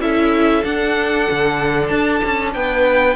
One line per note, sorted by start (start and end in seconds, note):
0.00 0.63 C#4
0.00 0.63 E4
0.00 2.55 A4
0.00 0.64 E5
0.63 3.16 D4
0.63 1.28 D4
0.63 1.87 F#5
1.31 1.90 D3
1.87 2.22 D4
1.87 2.50 A5
2.24 2.55 C#4
2.54 3.16 B3
2.54 3.16 B4
2.54 3.16 G5